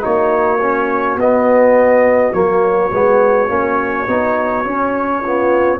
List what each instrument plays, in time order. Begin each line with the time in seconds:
0.00 tuba A#3, trombone D#4, horn F#4, trumpet C#5
0.61 trombone C#4
1.16 tuba B3, trombone B3, trumpet D#5
2.33 tuba F#3, trombone A#3, trumpet C#5
2.91 tuba G#3, trombone B3
3.49 tuba A#3, trombone C#4
4.06 tuba B3, trombone D#4
4.65 trombone C#4, tuba C#4
5.20 trombone B3, horn F4